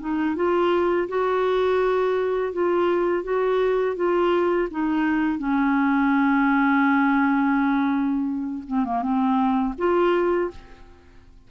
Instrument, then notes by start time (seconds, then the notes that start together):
clarinet
0.00 D#4
0.36 F4
1.09 F#4
2.53 F4
3.24 F#4
3.96 F4
4.71 D#4
5.39 C#4
8.67 C4
8.85 A#3
9.02 C4
9.78 F4